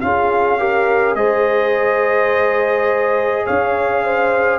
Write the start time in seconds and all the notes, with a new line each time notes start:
0.00 C#4 F4 G#4 F5
0.58 G4 A#4
1.15 G#3 G#4 C5 D#5
3.45 C#4 C#5 F5
4.03 C5